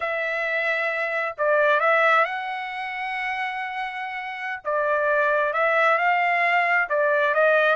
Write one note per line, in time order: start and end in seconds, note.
0.00 1.35 E5
1.37 1.79 D5
1.79 2.24 E5
2.24 4.61 F#5
4.64 5.53 D5
5.53 5.98 E5
5.98 6.88 F5
6.89 7.34 D5
7.34 7.75 D#5